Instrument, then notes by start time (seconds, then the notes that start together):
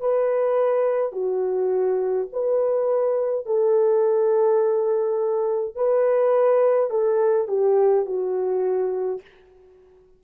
horn
0.00 B4
1.12 F#4
2.32 B4
3.46 A4
5.75 B4
6.90 A4
7.48 G4
8.06 F#4